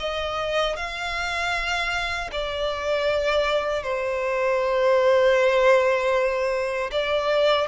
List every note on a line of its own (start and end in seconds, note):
0.00 0.77 D#5
0.77 2.30 F5
2.32 3.84 D5
3.84 6.91 C5
6.92 7.68 D5